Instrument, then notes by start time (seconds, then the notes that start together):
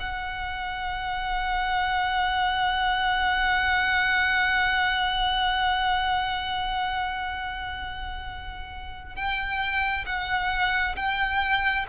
violin
0.00 F#5
9.16 G5
10.06 F#5
10.96 G5